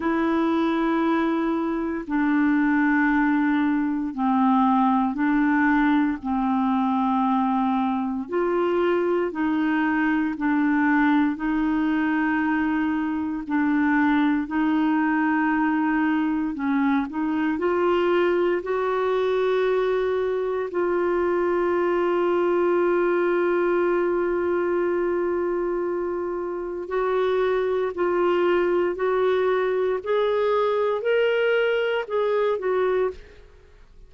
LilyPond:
\new Staff \with { instrumentName = "clarinet" } { \time 4/4 \tempo 4 = 58 e'2 d'2 | c'4 d'4 c'2 | f'4 dis'4 d'4 dis'4~ | dis'4 d'4 dis'2 |
cis'8 dis'8 f'4 fis'2 | f'1~ | f'2 fis'4 f'4 | fis'4 gis'4 ais'4 gis'8 fis'8 | }